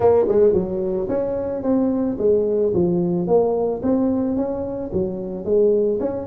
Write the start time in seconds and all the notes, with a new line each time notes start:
0.00 A#3
0.28 G#3
0.53 F#3
1.08 C#4
1.62 C4
2.18 G#3
2.74 F3
3.27 A#3
3.82 C4
4.36 C#4
4.92 F#3
5.44 G#3
6.00 C#4